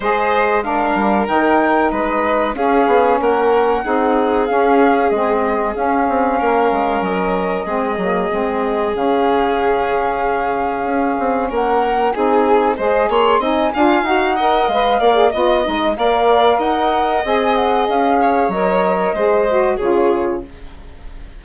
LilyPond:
<<
  \new Staff \with { instrumentName = "flute" } { \time 4/4 \tempo 4 = 94 dis''4 f''4 g''4 dis''4 | f''4 fis''2 f''4 | dis''4 f''2 dis''4~ | dis''2 f''2~ |
f''2 fis''4 gis''4 | dis''8 c'''8 gis''4 fis''4 f''4 | dis''4 f''4 fis''4 gis''8 fis''8 | f''4 dis''2 cis''4 | }
  \new Staff \with { instrumentName = "violin" } { \time 4/4 c''4 ais'2 b'4 | gis'4 ais'4 gis'2~ | gis'2 ais'2 | gis'1~ |
gis'2 ais'4 gis'4 | c''8 cis''8 dis''8 f''4 dis''4 d''8 | dis''4 d''4 dis''2~ | dis''8 cis''4. c''4 gis'4 | }
  \new Staff \with { instrumentName = "saxophone" } { \time 4/4 gis'4 d'4 dis'2 | cis'2 dis'4 cis'4 | c'4 cis'2. | c'8 ais8 c'4 cis'2~ |
cis'2. dis'4 | gis'4 dis'8 f'8 fis'8 ais'8 b'8 ais'16 gis'16 | f'8 dis'8 ais'2 gis'4~ | gis'4 ais'4 gis'8 fis'8 f'4 | }
  \new Staff \with { instrumentName = "bassoon" } { \time 4/4 gis4. g8 dis4 gis4 | cis'8 b8 ais4 c'4 cis'4 | gis4 cis'8 c'8 ais8 gis8 fis4 | gis8 fis8 gis4 cis2~ |
cis4 cis'8 c'8 ais4 c'4 | gis8 ais8 c'8 d'8 dis'4 gis8 ais8 | b8 gis8 ais4 dis'4 c'4 | cis'4 fis4 gis4 cis4 | }
>>